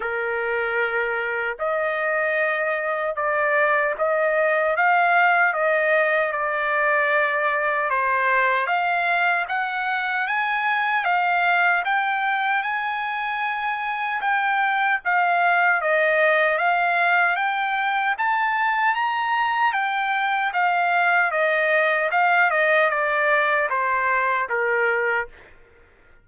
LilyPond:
\new Staff \with { instrumentName = "trumpet" } { \time 4/4 \tempo 4 = 76 ais'2 dis''2 | d''4 dis''4 f''4 dis''4 | d''2 c''4 f''4 | fis''4 gis''4 f''4 g''4 |
gis''2 g''4 f''4 | dis''4 f''4 g''4 a''4 | ais''4 g''4 f''4 dis''4 | f''8 dis''8 d''4 c''4 ais'4 | }